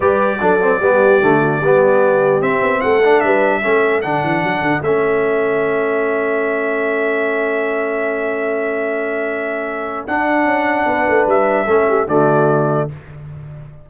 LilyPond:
<<
  \new Staff \with { instrumentName = "trumpet" } { \time 4/4 \tempo 4 = 149 d''1~ | d''2 e''4 fis''4 | e''2 fis''2 | e''1~ |
e''1~ | e''1~ | e''4 fis''2. | e''2 d''2 | }
  \new Staff \with { instrumentName = "horn" } { \time 4/4 b'4 a'4 g'4. fis'8 | g'2. a'4 | b'4 a'2.~ | a'1~ |
a'1~ | a'1~ | a'2. b'4~ | b'4 a'8 g'8 fis'2 | }
  \new Staff \with { instrumentName = "trombone" } { \time 4/4 g'4 d'8 c'8 b4 a4 | b2 c'4. d'8~ | d'4 cis'4 d'2 | cis'1~ |
cis'1~ | cis'1~ | cis'4 d'2.~ | d'4 cis'4 a2 | }
  \new Staff \with { instrumentName = "tuba" } { \time 4/4 g4 fis4 g4 d4 | g2 c'8 b8 a4 | g4 a4 d8 e8 fis8 d8 | a1~ |
a1~ | a1~ | a4 d'4 cis'4 b8 a8 | g4 a4 d2 | }
>>